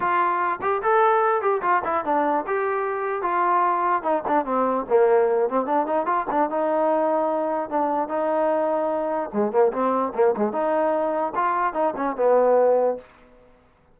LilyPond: \new Staff \with { instrumentName = "trombone" } { \time 4/4 \tempo 4 = 148 f'4. g'8 a'4. g'8 | f'8 e'8 d'4 g'2 | f'2 dis'8 d'8 c'4 | ais4. c'8 d'8 dis'8 f'8 d'8 |
dis'2. d'4 | dis'2. gis8 ais8 | c'4 ais8 gis8 dis'2 | f'4 dis'8 cis'8 b2 | }